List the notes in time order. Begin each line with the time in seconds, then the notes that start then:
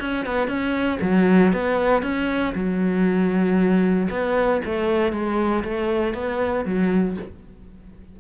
0.00 C#4
0.26 B3
0.48 C#4
1.01 F#3
1.53 B3
2.03 C#4
2.55 F#3
4.10 B3
4.65 A3
5.12 G#3
5.64 A3
6.14 B3
6.65 F#3